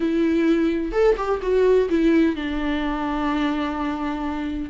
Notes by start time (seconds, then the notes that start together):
0.00 E4
0.92 A4
1.17 G4
1.41 F#4
1.89 E4
2.35 D4